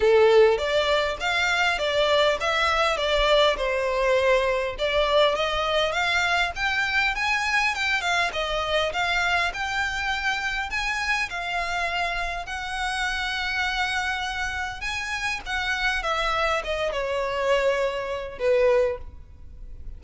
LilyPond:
\new Staff \with { instrumentName = "violin" } { \time 4/4 \tempo 4 = 101 a'4 d''4 f''4 d''4 | e''4 d''4 c''2 | d''4 dis''4 f''4 g''4 | gis''4 g''8 f''8 dis''4 f''4 |
g''2 gis''4 f''4~ | f''4 fis''2.~ | fis''4 gis''4 fis''4 e''4 | dis''8 cis''2~ cis''8 b'4 | }